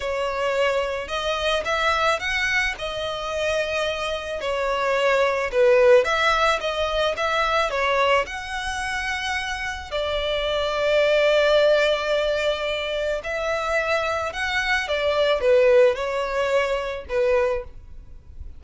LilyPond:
\new Staff \with { instrumentName = "violin" } { \time 4/4 \tempo 4 = 109 cis''2 dis''4 e''4 | fis''4 dis''2. | cis''2 b'4 e''4 | dis''4 e''4 cis''4 fis''4~ |
fis''2 d''2~ | d''1 | e''2 fis''4 d''4 | b'4 cis''2 b'4 | }